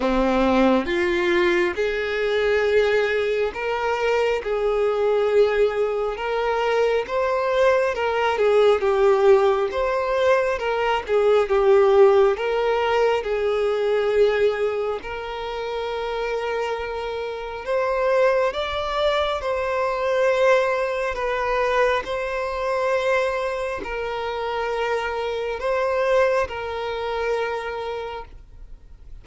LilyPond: \new Staff \with { instrumentName = "violin" } { \time 4/4 \tempo 4 = 68 c'4 f'4 gis'2 | ais'4 gis'2 ais'4 | c''4 ais'8 gis'8 g'4 c''4 | ais'8 gis'8 g'4 ais'4 gis'4~ |
gis'4 ais'2. | c''4 d''4 c''2 | b'4 c''2 ais'4~ | ais'4 c''4 ais'2 | }